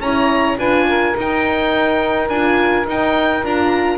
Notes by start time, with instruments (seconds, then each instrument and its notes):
0.00 double bass C#4, horn E4, saxophone C#5, oboe A#5
0.58 double bass D4, horn F4, saxophone B4, oboe G#5
0.89 saxophone A#4
1.17 double bass D#4, horn D#4, oboe G5
2.29 double bass D4, horn F4, oboe G#5
2.86 horn D#4, double bass D#4, oboe G5
3.44 double bass D4, horn F4, oboe A#5